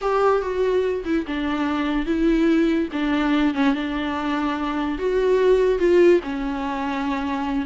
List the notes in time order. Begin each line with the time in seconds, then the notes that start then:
0.01 G4
0.41 F#4
1.05 E4
1.26 D4
2.05 E4
2.92 D4
3.54 C#4
3.74 D4
4.98 F#4
5.78 F4
6.23 C#4